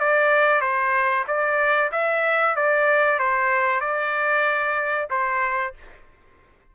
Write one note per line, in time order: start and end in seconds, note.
0.00 0.61 D5
0.61 1.25 C5
1.27 1.91 D5
1.92 2.56 E5
2.56 3.19 D5
3.19 3.81 C5
3.81 5.09 D5
5.10 5.74 C5